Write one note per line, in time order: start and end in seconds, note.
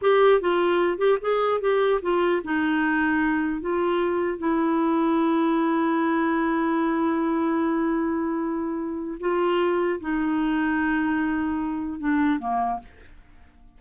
0.01 0.40 G4
0.40 0.97 F4
0.97 1.17 G4
1.21 1.60 G#4
1.60 2.00 G4
2.01 2.41 F4
2.44 3.60 D#4
3.60 4.38 F4
4.38 9.18 E4
9.20 10.00 F4
10.00 11.99 D#4
11.99 12.39 D4
12.39 12.79 A#3